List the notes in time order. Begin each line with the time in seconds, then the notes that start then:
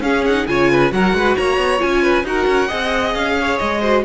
0.00 C#4 G#4 F5
0.25 D#4 F#5
0.47 C#3 F4 C#5 G#5
0.72 B4
0.91 F#3 F#4 A#4 F#5
1.13 G#3 B4
1.36 A#3 C#5 A#5
1.57 B3
1.78 C#4 F4 G#5
2.03 B4
2.24 D#4 F#4 A#4 F#5
2.47 C#4
2.68 C4 G#4 D#5
3.14 C#4 F5
3.40 C#5
3.58 G#3 D#5
3.81 F#4 C5